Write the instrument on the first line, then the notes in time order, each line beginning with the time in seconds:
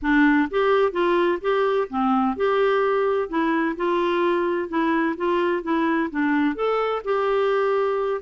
clarinet
0.02 D4
0.50 G4
0.92 F4
1.41 G4
1.89 C4
2.36 G4
3.29 E4
3.76 F4
4.68 E4
5.16 F4
5.62 E4
6.10 D4
6.55 A4
7.04 G4